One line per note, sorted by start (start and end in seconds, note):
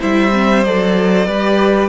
0.00 0.66 G3
0.00 0.32 E4
0.00 1.27 C5
0.00 0.64 E5
0.33 0.64 C4
0.64 1.28 F#3
0.64 1.28 A4
0.64 1.90 D5
1.27 1.90 G3
1.27 1.90 G4
1.27 1.90 B4